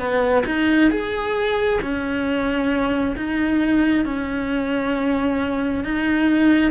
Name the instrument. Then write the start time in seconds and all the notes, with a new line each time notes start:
cello
0.00 B3
0.46 D#4
0.91 G#4
1.82 C#4
3.17 D#4
4.05 C#4
5.85 D#4